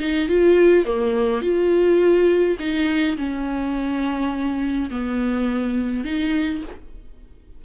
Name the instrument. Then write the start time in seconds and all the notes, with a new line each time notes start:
viola
0.00 D#4
0.29 F4
0.85 A#3
1.42 F4
2.59 D#4
3.17 C#4
4.91 B3
6.05 D#4